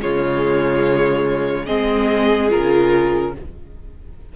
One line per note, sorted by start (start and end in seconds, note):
0.00 1.69 C#3
0.00 1.67 G#3
0.00 1.66 F4
0.00 1.66 C#5
1.66 2.52 G#3
1.66 2.50 C4
1.66 3.33 G#4
1.66 2.49 D#5
2.50 3.36 C#3
2.50 3.33 F4
2.50 3.34 A#4